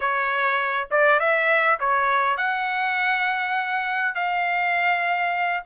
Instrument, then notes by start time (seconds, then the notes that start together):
trumpet
0.00 C#5
0.90 D5
1.19 E5
1.79 C#5
2.37 F#5
4.14 F5